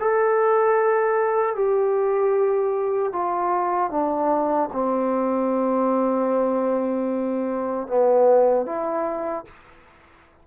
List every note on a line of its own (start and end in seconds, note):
0.00 1.56 A4
1.56 3.13 G4
3.13 3.91 F4
3.91 4.70 D4
4.73 7.88 C4
7.88 8.66 B3
8.66 9.45 E4